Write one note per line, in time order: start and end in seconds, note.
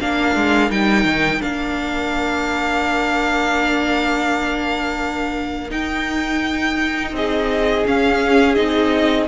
0.00 0.36 A#3
0.00 0.70 D4
0.00 7.14 A#4
0.00 0.72 F5
0.36 0.71 G#3
0.70 1.05 G3
0.70 1.41 D#4
0.70 1.42 G5
1.05 1.41 D#3
1.41 5.71 A#3
1.41 5.69 D4
1.41 5.71 F5
5.70 7.84 D#4
5.70 7.13 D#4
5.70 7.15 G5
7.13 7.84 C4
7.13 9.28 G#4
7.13 7.87 D#5
7.86 8.56 C#4
7.86 8.58 C#4
7.86 8.55 F5
8.55 9.28 C4
8.55 9.28 D#4
8.55 9.26 D#5